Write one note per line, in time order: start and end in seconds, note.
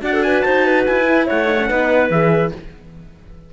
0.00 0.43 D4
0.00 1.04 F#4
0.00 0.13 D5
0.00 0.22 F#5
0.13 0.24 A4
0.22 0.45 B4
0.22 0.41 G#5
0.41 0.86 D#4
0.41 0.66 C5
0.41 0.83 A5
0.66 1.26 B4
0.85 1.29 E4
0.85 1.27 G#5
1.04 1.45 E4
1.26 1.70 A3
1.26 1.67 C#5
1.26 2.11 F#5
1.45 1.56 D#4
1.58 1.69 C#4
1.68 2.09 B3
1.68 2.10 D#4
1.68 2.51 B4
2.09 2.51 E3
2.09 2.52 G#4
2.09 2.52 E5